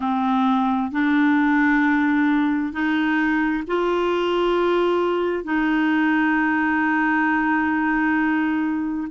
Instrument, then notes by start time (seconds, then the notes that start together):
clarinet
0.00 C4
0.91 D4
2.72 D#4
3.67 F4
5.44 D#4